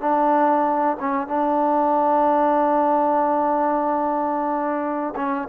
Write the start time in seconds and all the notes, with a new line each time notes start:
0.00 D4
1.00 C#4
1.27 D4
5.16 C#4